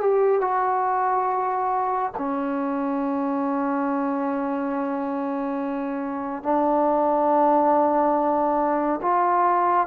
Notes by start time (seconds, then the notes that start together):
0.00 G4
0.41 F#4
2.17 C#4
6.43 D4
9.02 F4